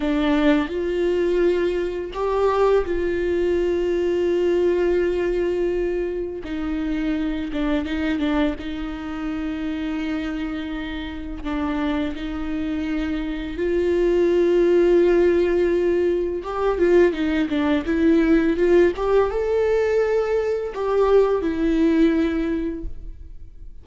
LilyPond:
\new Staff \with { instrumentName = "viola" } { \time 4/4 \tempo 4 = 84 d'4 f'2 g'4 | f'1~ | f'4 dis'4. d'8 dis'8 d'8 | dis'1 |
d'4 dis'2 f'4~ | f'2. g'8 f'8 | dis'8 d'8 e'4 f'8 g'8 a'4~ | a'4 g'4 e'2 | }